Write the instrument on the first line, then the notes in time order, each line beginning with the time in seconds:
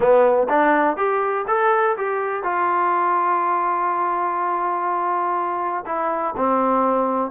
trombone
0.00 B3
0.48 D4
0.96 G4
1.47 A4
1.97 G4
2.43 F4
5.86 E4
6.37 C4